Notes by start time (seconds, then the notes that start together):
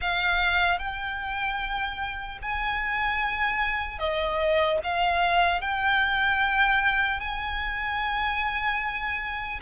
0.01 F5
0.79 G5
2.42 G#5
3.98 D#5
4.83 F5
5.61 G5
7.20 G#5